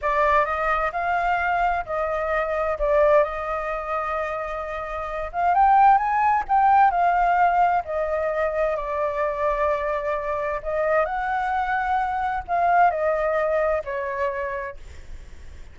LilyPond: \new Staff \with { instrumentName = "flute" } { \time 4/4 \tempo 4 = 130 d''4 dis''4 f''2 | dis''2 d''4 dis''4~ | dis''2.~ dis''8 f''8 | g''4 gis''4 g''4 f''4~ |
f''4 dis''2 d''4~ | d''2. dis''4 | fis''2. f''4 | dis''2 cis''2 | }